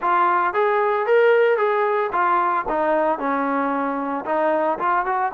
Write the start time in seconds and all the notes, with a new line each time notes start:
0.01 F4
0.53 G#4
1.06 A#4
1.57 G#4
2.12 F4
2.69 D#4
3.18 C#4
4.25 D#4
4.79 F4
5.05 F#4